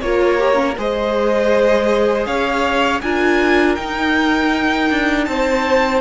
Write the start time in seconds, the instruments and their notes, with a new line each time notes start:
0.00 cello A#3, viola F4, violin A#4 C#5
0.38 viola G4
0.54 viola C#4
0.77 cello G#3, viola G#4, violin C5 D#5
2.26 cello C#4, violin C#5 F5
3.01 cello D4, viola F4, violin A#4 G#5
3.75 cello D#4, viola D#4, violin G5
4.90 cello D4
5.25 cello C4, violin C5 A5